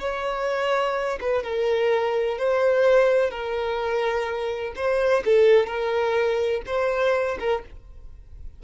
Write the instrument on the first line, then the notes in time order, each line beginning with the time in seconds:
violin
0.00 C#5
1.21 B4
1.44 A#4
2.39 C5
3.31 A#4
4.76 C5
5.26 A4
5.67 A#4
6.67 C5
7.40 A#4